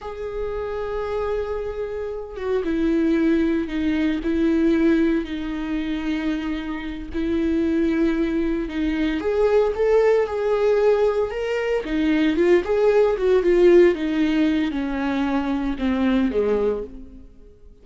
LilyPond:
\new Staff \with { instrumentName = "viola" } { \time 4/4 \tempo 4 = 114 gis'1~ | gis'8 fis'8 e'2 dis'4 | e'2 dis'2~ | dis'4. e'2~ e'8~ |
e'8 dis'4 gis'4 a'4 gis'8~ | gis'4. ais'4 dis'4 f'8 | gis'4 fis'8 f'4 dis'4. | cis'2 c'4 gis4 | }